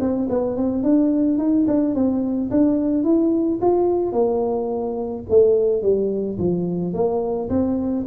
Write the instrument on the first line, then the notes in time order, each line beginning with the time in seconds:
tuba
0.00 C4
0.29 B3
0.57 C4
0.83 D4
1.38 D#4
1.67 D4
1.95 C4
2.51 D4
3.04 E4
3.61 F4
4.12 A#3
5.30 A3
5.82 G3
6.38 F3
6.93 A#3
7.49 C4